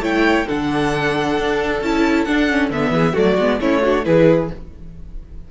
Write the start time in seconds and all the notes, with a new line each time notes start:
0.00 A3 E4 C#5 G5
0.46 D3 D4 A4 F#5
1.37 D4
1.81 C#4 E4 A5
2.24 D4 F#5
2.49 C#4
2.70 D3 B3 E5
2.90 E3 G#4
3.13 F#3 A3 F#4 D5
3.37 G#3 B3
3.60 A3 C#4 E4 C#5
3.81 D4 F#4
4.04 E3 E4 G#4 B4